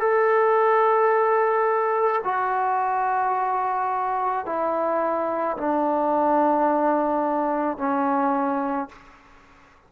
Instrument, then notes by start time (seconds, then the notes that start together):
trombone
0.00 A4
2.24 F#4
4.46 E4
5.58 D4
7.78 C#4